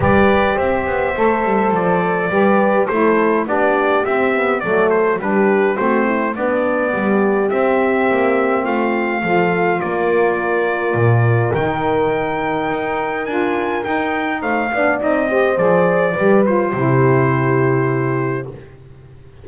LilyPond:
<<
  \new Staff \with { instrumentName = "trumpet" } { \time 4/4 \tempo 4 = 104 d''4 e''2 d''4~ | d''4 c''4 d''4 e''4 | d''8 c''8 b'4 c''4 d''4~ | d''4 e''2 f''4~ |
f''4 d''2. | g''2. gis''4 | g''4 f''4 dis''4 d''4~ | d''8 c''2.~ c''8 | }
  \new Staff \with { instrumentName = "horn" } { \time 4/4 b'4 c''2. | b'4 a'4 g'2 | a'4 g'4 fis'8 e'8 d'4 | g'2. f'4 |
a'4 ais'2.~ | ais'1~ | ais'4 c''8 d''4 c''4. | b'4 g'2. | }
  \new Staff \with { instrumentName = "saxophone" } { \time 4/4 g'2 a'2 | g'4 e'4 d'4 c'8 b8 | a4 d'4 c'4 b4~ | b4 c'2. |
f'1 | dis'2. f'4 | dis'4. d'8 dis'8 g'8 gis'4 | g'8 f'8 e'2. | }
  \new Staff \with { instrumentName = "double bass" } { \time 4/4 g4 c'8 b8 a8 g8 f4 | g4 a4 b4 c'4 | fis4 g4 a4 b4 | g4 c'4 ais4 a4 |
f4 ais2 ais,4 | dis2 dis'4 d'4 | dis'4 a8 b8 c'4 f4 | g4 c2. | }
>>